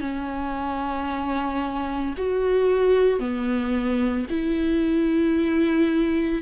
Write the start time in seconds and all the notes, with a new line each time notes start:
0.00 C#4
2.17 F#4
3.19 B3
4.30 E4